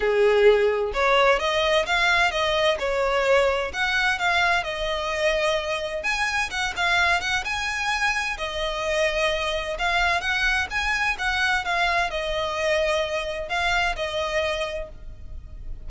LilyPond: \new Staff \with { instrumentName = "violin" } { \time 4/4 \tempo 4 = 129 gis'2 cis''4 dis''4 | f''4 dis''4 cis''2 | fis''4 f''4 dis''2~ | dis''4 gis''4 fis''8 f''4 fis''8 |
gis''2 dis''2~ | dis''4 f''4 fis''4 gis''4 | fis''4 f''4 dis''2~ | dis''4 f''4 dis''2 | }